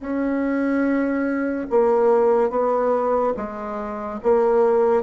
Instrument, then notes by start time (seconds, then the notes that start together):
bassoon
0.00 C#4
1.70 A#3
2.50 B3
3.37 G#3
4.23 A#3